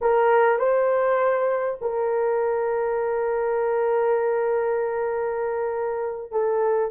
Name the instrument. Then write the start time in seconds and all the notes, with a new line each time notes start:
horn
0.01 A#4
0.58 C5
1.81 A#4
6.31 A4